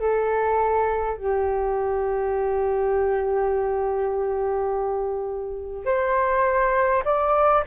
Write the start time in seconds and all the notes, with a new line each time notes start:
0.00 A4
1.17 G4
5.86 C5
7.05 D5